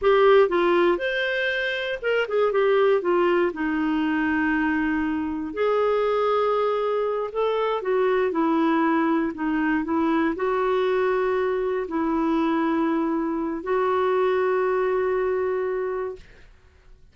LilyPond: \new Staff \with { instrumentName = "clarinet" } { \time 4/4 \tempo 4 = 119 g'4 f'4 c''2 | ais'8 gis'8 g'4 f'4 dis'4~ | dis'2. gis'4~ | gis'2~ gis'8 a'4 fis'8~ |
fis'8 e'2 dis'4 e'8~ | e'8 fis'2. e'8~ | e'2. fis'4~ | fis'1 | }